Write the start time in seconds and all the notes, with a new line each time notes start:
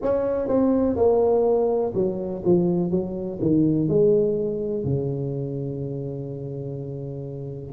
0.01 C#4
0.48 C4
0.96 A#3
1.94 F#3
2.45 F3
2.90 F#3
3.41 D#3
3.88 G#3
4.84 C#3